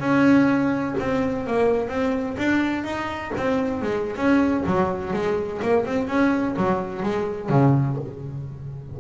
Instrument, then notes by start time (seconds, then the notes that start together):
double bass
0.00 C#4
1.00 C4
1.47 A#3
1.89 C4
2.38 D4
2.84 D#4
3.37 C4
3.82 G#3
4.16 C#4
4.66 F#3
5.13 G#3
5.62 A#3
5.85 C4
6.08 C#4
6.57 F#3
7.03 G#3
7.49 C#3